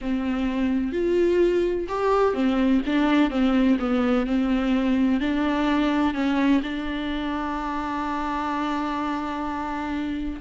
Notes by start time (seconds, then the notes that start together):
0.01 C4
0.92 F4
1.88 G4
2.34 C4
2.86 D4
3.30 C4
3.79 B3
4.26 C4
5.20 D4
6.14 C#4
6.62 D4